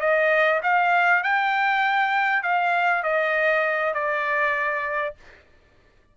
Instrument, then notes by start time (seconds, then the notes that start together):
trumpet
0.00 D#5
0.63 F5
1.23 G5
2.43 F5
3.03 D#5
3.94 D5